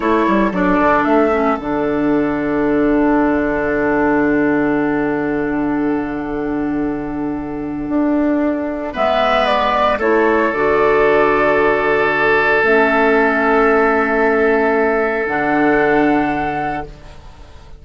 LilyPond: <<
  \new Staff \with { instrumentName = "flute" } { \time 4/4 \tempo 4 = 114 cis''4 d''4 e''4 fis''4~ | fis''1~ | fis''1~ | fis''1~ |
fis''4 e''4 d''4 cis''4 | d''1 | e''1~ | e''4 fis''2. | }
  \new Staff \with { instrumentName = "oboe" } { \time 4/4 a'1~ | a'1~ | a'1~ | a'1~ |
a'4 b'2 a'4~ | a'1~ | a'1~ | a'1 | }
  \new Staff \with { instrumentName = "clarinet" } { \time 4/4 e'4 d'4. cis'8 d'4~ | d'1~ | d'1~ | d'1~ |
d'4 b2 e'4 | fis'1 | cis'1~ | cis'4 d'2. | }
  \new Staff \with { instrumentName = "bassoon" } { \time 4/4 a8 g8 fis8 d8 a4 d4~ | d1~ | d1~ | d2. d'4~ |
d'4 gis2 a4 | d1 | a1~ | a4 d2. | }
>>